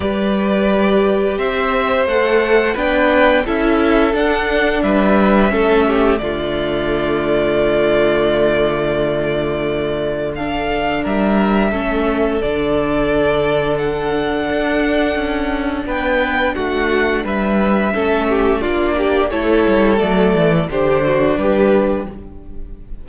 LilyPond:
<<
  \new Staff \with { instrumentName = "violin" } { \time 4/4 \tempo 4 = 87 d''2 e''4 fis''4 | g''4 e''4 fis''4 e''4~ | e''4 d''2.~ | d''2. f''4 |
e''2 d''2 | fis''2. g''4 | fis''4 e''2 d''4 | cis''4 d''4 c''4 b'4 | }
  \new Staff \with { instrumentName = "violin" } { \time 4/4 b'2 c''2 | b'4 a'2 b'4 | a'8 g'8 f'2.~ | f'2. a'4 |
ais'4 a'2.~ | a'2. b'4 | fis'4 b'4 a'8 g'8 f'8 g'8 | a'2 g'8 fis'8 g'4 | }
  \new Staff \with { instrumentName = "viola" } { \time 4/4 g'2. a'4 | d'4 e'4 d'2 | cis'4 a2.~ | a2. d'4~ |
d'4 cis'4 d'2~ | d'1~ | d'2 cis'4 d'4 | e'4 a4 d'2 | }
  \new Staff \with { instrumentName = "cello" } { \time 4/4 g2 c'4 a4 | b4 cis'4 d'4 g4 | a4 d2.~ | d1 |
g4 a4 d2~ | d4 d'4 cis'4 b4 | a4 g4 a4 ais4 | a8 g8 fis8 e8 d4 g4 | }
>>